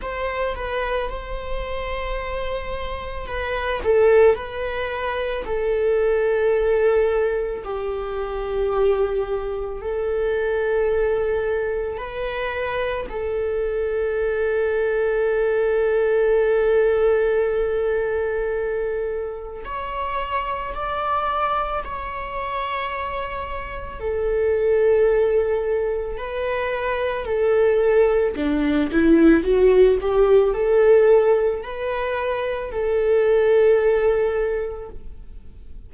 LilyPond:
\new Staff \with { instrumentName = "viola" } { \time 4/4 \tempo 4 = 55 c''8 b'8 c''2 b'8 a'8 | b'4 a'2 g'4~ | g'4 a'2 b'4 | a'1~ |
a'2 cis''4 d''4 | cis''2 a'2 | b'4 a'4 d'8 e'8 fis'8 g'8 | a'4 b'4 a'2 | }